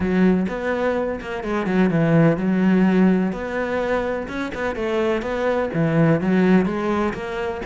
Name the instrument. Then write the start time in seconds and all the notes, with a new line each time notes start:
cello
0.00 F#3
0.48 B3
1.20 A#3
1.43 G#3
1.66 F#3
1.90 E3
2.37 F#3
3.32 B3
4.27 C#4
4.54 B3
4.75 A3
5.22 B3
5.73 E3
6.20 F#3
6.65 G#3
7.13 A#3